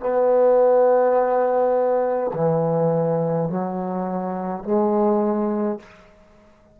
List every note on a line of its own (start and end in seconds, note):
0.00 2.31 B3
2.33 3.49 E3
3.49 4.64 F#3
4.64 5.79 G#3